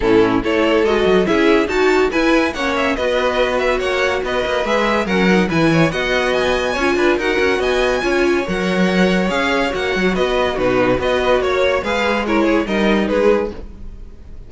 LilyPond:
<<
  \new Staff \with { instrumentName = "violin" } { \time 4/4 \tempo 4 = 142 a'4 cis''4 dis''4 e''4 | a''4 gis''4 fis''8 e''8 dis''4~ | dis''8 e''8 fis''4 dis''4 e''4 | fis''4 gis''4 fis''4 gis''4~ |
gis''4 fis''4 gis''2 | fis''2 f''4 fis''4 | dis''4 b'4 dis''4 cis''4 | f''4 cis''4 dis''4 b'4 | }
  \new Staff \with { instrumentName = "violin" } { \time 4/4 e'4 a'2 gis'4 | fis'4 b'4 cis''4 b'4~ | b'4 cis''4 b'2 | ais'4 b'8 cis''8 dis''2 |
cis''8 b'8 ais'4 dis''4 cis''4~ | cis''1 | b'4 fis'4 b'4 cis''4 | b'4 ais'8 gis'8 ais'4 gis'4 | }
  \new Staff \with { instrumentName = "viola" } { \time 4/4 cis'4 e'4 fis'4 e'4 | fis'4 e'4 cis'4 fis'4~ | fis'2. gis'4 | cis'8 dis'8 e'4 fis'2 |
f'4 fis'2 f'4 | ais'2 gis'4 fis'4~ | fis'4 dis'4 fis'2 | gis'4 e'4 dis'2 | }
  \new Staff \with { instrumentName = "cello" } { \time 4/4 a,4 a4 gis8 fis8 cis'4 | dis'4 e'4 ais4 b4~ | b4 ais4 b8 ais8 gis4 | fis4 e4 b2 |
cis'8 d'8 dis'8 cis'8 b4 cis'4 | fis2 cis'4 ais8 fis8 | b4 b,4 b4 ais4 | gis2 g4 gis4 | }
>>